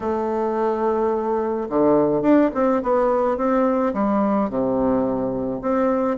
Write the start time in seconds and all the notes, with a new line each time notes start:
0.00 A3
1.69 D3
2.21 D4
2.54 C4
2.82 B3
3.37 C4
3.93 G3
4.49 C3
5.61 C4